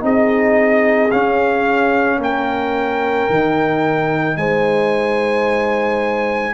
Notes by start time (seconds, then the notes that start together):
0.00 C4 D#4 G#4 D#5
1.11 C#4 F5
2.18 A#3 A#4 G5
3.30 D#3 D#4
4.37 G#3 C5 G#5